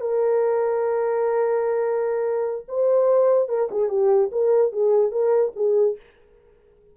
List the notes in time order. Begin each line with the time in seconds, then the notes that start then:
0.00 A#4
2.68 C5
3.48 A#4
3.71 G#4
3.89 G4
4.31 A#4
4.72 G#4
5.11 A#4
5.55 G#4